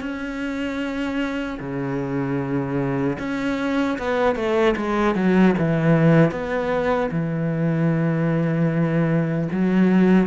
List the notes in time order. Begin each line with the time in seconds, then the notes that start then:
0.00 C#4
1.59 C#3
3.19 C#4
3.98 B3
4.35 A3
4.76 G#3
5.15 F#3
5.58 E3
6.31 B3
7.11 E3
9.51 F#3